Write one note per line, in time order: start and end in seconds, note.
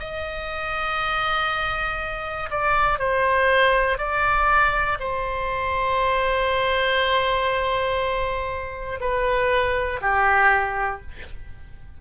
0.00 2.50 D#5
2.50 2.99 D5
2.99 3.98 C5
3.98 4.98 D5
5.00 9.00 C5
9.00 10.00 B4
10.01 11.01 G4